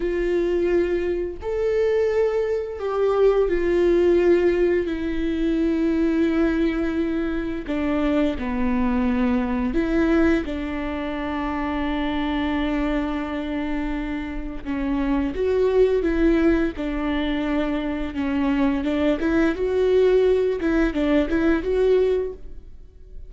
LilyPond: \new Staff \with { instrumentName = "viola" } { \time 4/4 \tempo 4 = 86 f'2 a'2 | g'4 f'2 e'4~ | e'2. d'4 | b2 e'4 d'4~ |
d'1~ | d'4 cis'4 fis'4 e'4 | d'2 cis'4 d'8 e'8 | fis'4. e'8 d'8 e'8 fis'4 | }